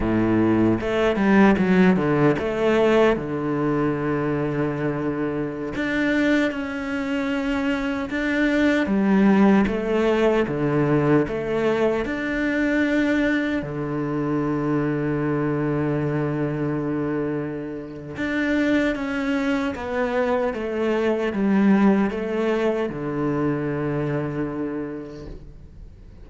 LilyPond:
\new Staff \with { instrumentName = "cello" } { \time 4/4 \tempo 4 = 76 a,4 a8 g8 fis8 d8 a4 | d2.~ d16 d'8.~ | d'16 cis'2 d'4 g8.~ | g16 a4 d4 a4 d'8.~ |
d'4~ d'16 d2~ d8.~ | d2. d'4 | cis'4 b4 a4 g4 | a4 d2. | }